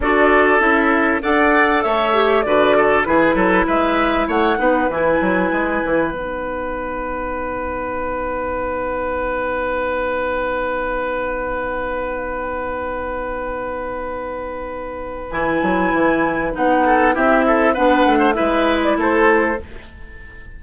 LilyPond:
<<
  \new Staff \with { instrumentName = "flute" } { \time 4/4 \tempo 4 = 98 d''4 e''4 fis''4 e''4 | d''4 b'4 e''4 fis''4 | gis''2 fis''2~ | fis''1~ |
fis''1~ | fis''1~ | fis''4 gis''2 fis''4 | e''4 fis''4 e''8. d''16 c''4 | }
  \new Staff \with { instrumentName = "oboe" } { \time 4/4 a'2 d''4 cis''4 | b'8 a'8 gis'8 a'8 b'4 cis''8 b'8~ | b'1~ | b'1~ |
b'1~ | b'1~ | b'2.~ b'8 a'8 | g'8 a'8 b'8. c''16 b'4 a'4 | }
  \new Staff \with { instrumentName = "clarinet" } { \time 4/4 fis'4 e'4 a'4. g'8 | fis'4 e'2~ e'8 dis'8 | e'2 dis'2~ | dis'1~ |
dis'1~ | dis'1~ | dis'4 e'2 dis'4 | e'4 d'4 e'2 | }
  \new Staff \with { instrumentName = "bassoon" } { \time 4/4 d'4 cis'4 d'4 a4 | d4 e8 fis8 gis4 a8 b8 | e8 fis8 gis8 e8 b2~ | b1~ |
b1~ | b1~ | b4 e8 fis8 e4 b4 | c'4 b8 a8 gis4 a4 | }
>>